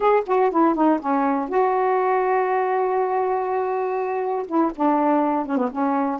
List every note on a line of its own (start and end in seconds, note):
0.00 0.23 G#4
0.26 0.50 F#4
0.50 0.74 E4
0.74 0.99 D#4
1.00 1.49 C#4
1.49 4.46 F#4
4.46 4.71 E4
4.75 5.46 D4
5.46 5.57 C#4
5.57 5.69 B3
5.71 6.19 C#4